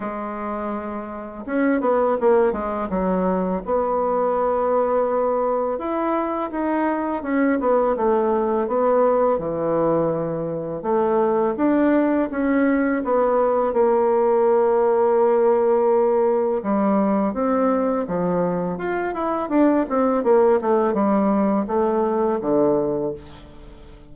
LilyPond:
\new Staff \with { instrumentName = "bassoon" } { \time 4/4 \tempo 4 = 83 gis2 cis'8 b8 ais8 gis8 | fis4 b2. | e'4 dis'4 cis'8 b8 a4 | b4 e2 a4 |
d'4 cis'4 b4 ais4~ | ais2. g4 | c'4 f4 f'8 e'8 d'8 c'8 | ais8 a8 g4 a4 d4 | }